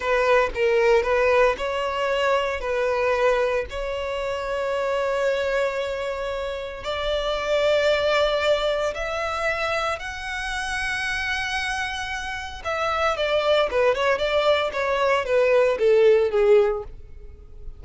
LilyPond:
\new Staff \with { instrumentName = "violin" } { \time 4/4 \tempo 4 = 114 b'4 ais'4 b'4 cis''4~ | cis''4 b'2 cis''4~ | cis''1~ | cis''4 d''2.~ |
d''4 e''2 fis''4~ | fis''1 | e''4 d''4 b'8 cis''8 d''4 | cis''4 b'4 a'4 gis'4 | }